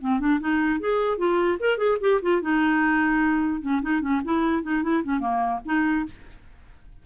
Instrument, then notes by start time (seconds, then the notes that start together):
clarinet
0.00 C4
0.19 D4
0.40 D#4
0.80 G#4
1.17 F4
1.59 A#4
1.77 G#4
2.00 G4
2.22 F4
2.41 D#4
3.61 C#4
3.82 D#4
4.01 C#4
4.24 E4
4.63 D#4
4.83 E4
5.04 C#4
5.19 A#3
5.65 D#4